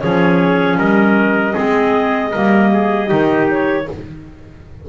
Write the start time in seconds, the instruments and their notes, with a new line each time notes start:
0.00 double bass F3, clarinet C#4 C#5, trumpet G#4
0.78 double bass G3, trumpet A#4, clarinet D#5
1.54 double bass G#3, clarinet C4, trumpet G#4
2.32 double bass G3, clarinet A#3, trumpet A#4
2.73 trumpet G#4
3.07 double bass D#3, clarinet D#4, trumpet G4
3.51 clarinet C#5